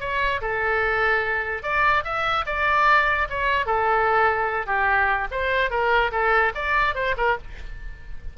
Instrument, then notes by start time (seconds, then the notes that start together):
oboe
0.00 C#5
0.41 A4
1.63 D5
2.05 E5
2.46 D5
3.30 C#5
3.66 A4
4.66 G4
5.31 C5
5.71 A#4
6.12 A4
6.55 D5
6.95 C5
7.17 A#4